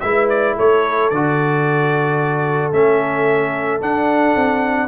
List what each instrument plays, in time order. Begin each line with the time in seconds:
0.00 tuba G#3, trombone E4, horn B4, trumpet E5
0.29 trumpet D5
0.55 tuba A3, horn A4, trumpet C#5
1.09 tuba D3, trombone F#4, trumpet D5
2.72 tuba A3, trombone C#4, trumpet E5
3.80 trombone D4, tuba D4, trumpet F#5
4.35 tuba C4